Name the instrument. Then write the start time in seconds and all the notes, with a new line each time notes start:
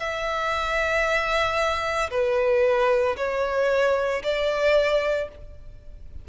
violin
0.00 E5
2.11 B4
3.17 C#5
4.23 D5